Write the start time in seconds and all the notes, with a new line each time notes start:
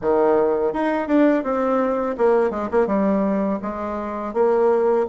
0.01 D#3
0.73 D#4
1.07 D4
1.43 C4
2.17 A#3
2.50 G#3
2.71 A#3
2.87 G3
3.62 G#3
4.33 A#3